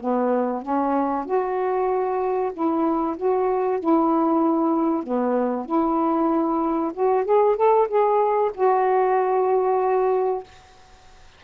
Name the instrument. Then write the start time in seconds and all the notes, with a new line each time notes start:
saxophone
0.00 B3
0.62 C#4
1.25 F#4
2.53 E4
3.17 F#4
3.80 E4
5.03 B3
5.66 E4
6.94 F#4
7.25 G#4
7.56 A4
7.88 G#4
8.54 F#4